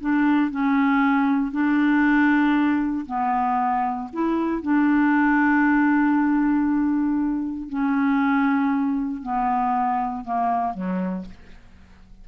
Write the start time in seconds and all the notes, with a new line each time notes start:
0.00 D4
0.50 C#4
1.51 D4
3.06 B3
4.13 E4
4.62 D4
7.69 C#4
9.22 B3
10.24 A#3
10.73 F#3